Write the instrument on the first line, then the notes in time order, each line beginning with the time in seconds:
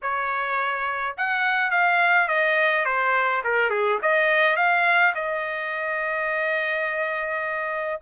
trumpet
0.02 C#5
1.17 F#5
1.70 F5
2.28 D#5
2.85 C5
3.44 A#4
3.70 G#4
4.02 D#5
4.56 F5
5.14 D#5